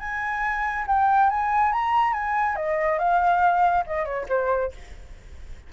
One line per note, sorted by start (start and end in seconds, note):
0.00 0.86 G#5
0.87 1.30 G5
1.30 1.73 G#5
1.73 2.13 A#5
2.13 2.56 G#5
2.56 2.99 D#5
2.99 3.85 F5
3.87 4.05 D#5
4.05 4.27 C#5
4.29 4.72 C5